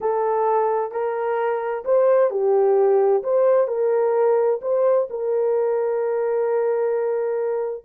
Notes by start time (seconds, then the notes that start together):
0.00 A4
0.91 A#4
1.84 C5
2.30 G4
3.23 C5
3.67 A#4
4.61 C5
5.10 A#4